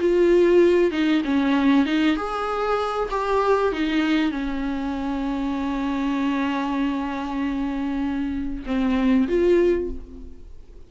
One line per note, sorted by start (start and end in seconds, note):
0.00 0.91 F4
0.91 1.22 D#4
1.25 1.86 C#4
1.86 2.16 D#4
2.16 3.09 G#4
3.10 3.72 G4
3.72 4.31 D#4
4.31 8.64 C#4
8.66 9.28 C4
9.28 9.90 F4